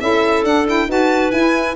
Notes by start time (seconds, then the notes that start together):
0.00 C#4 E4 A4 E5
0.44 D4 F#5
0.66 E4 G5
0.87 D#4 F#4 B4 A5
1.31 E4 G#5